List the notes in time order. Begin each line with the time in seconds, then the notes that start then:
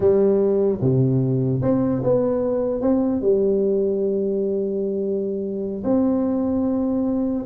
0.00 G3
0.81 C3
1.62 C4
2.03 B3
2.81 C4
3.21 G3
5.84 C4